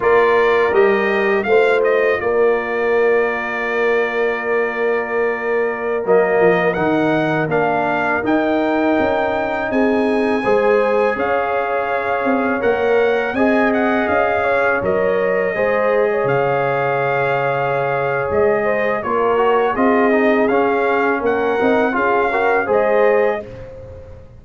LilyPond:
<<
  \new Staff \with { instrumentName = "trumpet" } { \time 4/4 \tempo 4 = 82 d''4 dis''4 f''8 dis''8 d''4~ | d''1~ | d''16 dis''4 fis''4 f''4 g''8.~ | g''4~ g''16 gis''2 f''8.~ |
f''4~ f''16 fis''4 gis''8 fis''8 f''8.~ | f''16 dis''2 f''4.~ f''16~ | f''4 dis''4 cis''4 dis''4 | f''4 fis''4 f''4 dis''4 | }
  \new Staff \with { instrumentName = "horn" } { \time 4/4 ais'2 c''4 ais'4~ | ais'1~ | ais'1~ | ais'4~ ais'16 gis'4 c''4 cis''8.~ |
cis''2~ cis''16 dis''4. cis''16~ | cis''4~ cis''16 c''8. cis''2~ | cis''4. c''8 ais'4 gis'4~ | gis'4 ais'4 gis'8 ais'8 c''4 | }
  \new Staff \with { instrumentName = "trombone" } { \time 4/4 f'4 g'4 f'2~ | f'1~ | f'16 ais4 dis'4 d'4 dis'8.~ | dis'2~ dis'16 gis'4.~ gis'16~ |
gis'4~ gis'16 ais'4 gis'4.~ gis'16~ | gis'16 ais'4 gis'2~ gis'8.~ | gis'2 f'8 fis'8 f'8 dis'8 | cis'4. dis'8 f'8 fis'8 gis'4 | }
  \new Staff \with { instrumentName = "tuba" } { \time 4/4 ais4 g4 a4 ais4~ | ais1~ | ais16 fis8 f8 dis4 ais4 dis'8.~ | dis'16 cis'4 c'4 gis4 cis'8.~ |
cis'8. c'8 ais4 c'4 cis'8.~ | cis'16 fis4 gis4 cis4.~ cis16~ | cis4 gis4 ais4 c'4 | cis'4 ais8 c'8 cis'4 gis4 | }
>>